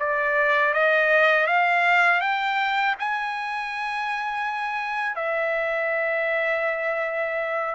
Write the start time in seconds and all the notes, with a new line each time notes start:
0.00 D5
0.74 D#5
1.47 F5
2.22 G5
3.00 G#5
5.16 E5